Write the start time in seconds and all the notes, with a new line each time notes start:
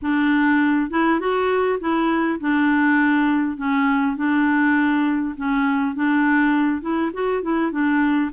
0.02 D4
0.90 E4
1.19 F#4
1.80 E4
2.40 D4
3.57 C#4
4.16 D4
5.36 C#4
5.95 D4
6.81 E4
7.13 F#4
7.42 E4
7.71 D4